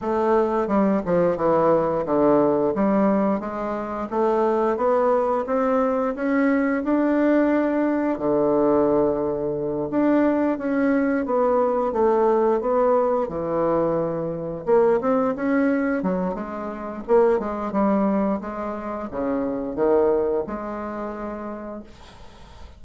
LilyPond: \new Staff \with { instrumentName = "bassoon" } { \time 4/4 \tempo 4 = 88 a4 g8 f8 e4 d4 | g4 gis4 a4 b4 | c'4 cis'4 d'2 | d2~ d8 d'4 cis'8~ |
cis'8 b4 a4 b4 e8~ | e4. ais8 c'8 cis'4 fis8 | gis4 ais8 gis8 g4 gis4 | cis4 dis4 gis2 | }